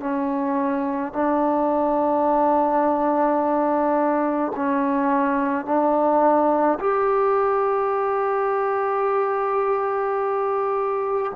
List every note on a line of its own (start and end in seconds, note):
0.00 1.13 C#4
1.13 4.53 D4
4.55 5.66 C#4
5.66 6.79 D4
6.80 11.33 G4